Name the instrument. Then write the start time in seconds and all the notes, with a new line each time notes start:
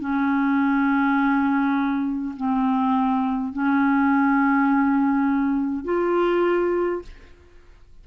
clarinet
0.00 C#4
2.36 C4
3.53 C#4
5.84 F4